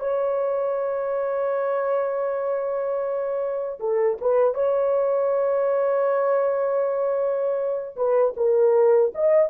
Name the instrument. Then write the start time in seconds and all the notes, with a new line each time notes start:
horn
0.00 C#5
3.80 A4
4.22 B4
4.55 C#5
7.97 B4
8.37 A#4
9.15 D#5